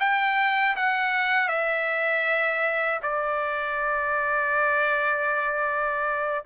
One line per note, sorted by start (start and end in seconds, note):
0.00 0.76 G5
0.76 1.48 F#5
1.48 3.00 E5
3.03 6.45 D5